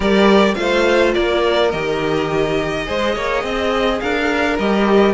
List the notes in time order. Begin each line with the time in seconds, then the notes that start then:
0.00 G3 G4 A#4 D5
0.54 A3 F4 C5 F5
1.14 A#3 A#4 D5
1.71 D#3 G4 D#5
2.85 G#3 G#4 C5
3.15 A#3 C#5
3.43 C4 D#5
4.00 D4 A#4 F5
4.58 G3 G4 D#5